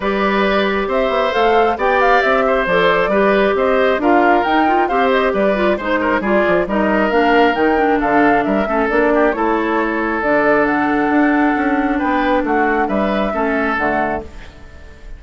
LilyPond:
<<
  \new Staff \with { instrumentName = "flute" } { \time 4/4 \tempo 4 = 135 d''2 e''4 f''4 | g''8 f''8 e''4 d''2 | dis''4 f''4 g''4 f''8 dis''8 | d''4 c''4 d''4 dis''4 |
f''4 g''4 f''4 e''4 | d''4 cis''2 d''4 | fis''2. g''4 | fis''4 e''2 fis''4 | }
  \new Staff \with { instrumentName = "oboe" } { \time 4/4 b'2 c''2 | d''4. c''4. b'4 | c''4 ais'2 c''4 | b'4 c''8 ais'8 gis'4 ais'4~ |
ais'2 a'4 ais'8 a'8~ | a'8 g'8 a'2.~ | a'2. b'4 | fis'4 b'4 a'2 | }
  \new Staff \with { instrumentName = "clarinet" } { \time 4/4 g'2. a'4 | g'2 a'4 g'4~ | g'4 f'4 dis'8 f'8 g'4~ | g'8 f'8 dis'4 f'4 dis'4 |
d'4 dis'8 d'2 cis'8 | d'4 e'2 d'4~ | d'1~ | d'2 cis'4 a4 | }
  \new Staff \with { instrumentName = "bassoon" } { \time 4/4 g2 c'8 b8 a4 | b4 c'4 f4 g4 | c'4 d'4 dis'4 c'4 | g4 gis4 g8 f8 g4 |
ais4 dis4 d4 g8 a8 | ais4 a2 d4~ | d4 d'4 cis'4 b4 | a4 g4 a4 d4 | }
>>